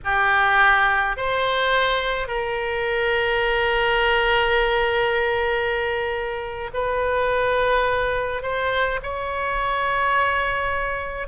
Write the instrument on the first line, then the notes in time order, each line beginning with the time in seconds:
oboe
0.04 G4
1.17 C5
2.27 A#4
6.73 B4
8.42 C5
9.02 C#5